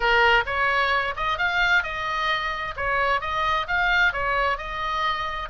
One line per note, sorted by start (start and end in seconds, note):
0.00 0.44 A#4
0.45 1.14 C#5
1.16 1.38 D#5
1.38 1.83 F5
1.83 2.74 D#5
2.76 3.20 C#5
3.20 3.66 D#5
3.67 4.12 F5
4.12 4.57 C#5
4.57 5.49 D#5